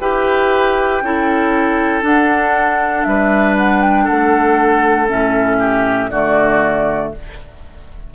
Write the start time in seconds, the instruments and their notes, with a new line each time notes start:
0.00 bassoon E4, clarinet G4, oboe B4, flute G5
1.01 bassoon C#4, clarinet E4, oboe A4
2.02 clarinet D4, bassoon D4, flute F#5
3.03 bassoon G3, oboe B4, flute E5
3.57 flute F#5
3.82 flute G5
4.04 oboe A4, flute F#5
4.10 bassoon A3
5.08 bassoon A2, clarinet C#4, flute E5
5.59 oboe G4
6.10 bassoon D3, clarinet A3, oboe F#4, flute D5